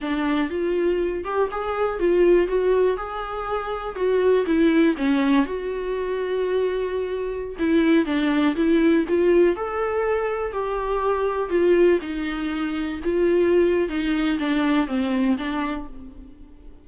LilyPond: \new Staff \with { instrumentName = "viola" } { \time 4/4 \tempo 4 = 121 d'4 f'4. g'8 gis'4 | f'4 fis'4 gis'2 | fis'4 e'4 cis'4 fis'4~ | fis'2.~ fis'16 e'8.~ |
e'16 d'4 e'4 f'4 a'8.~ | a'4~ a'16 g'2 f'8.~ | f'16 dis'2 f'4.~ f'16 | dis'4 d'4 c'4 d'4 | }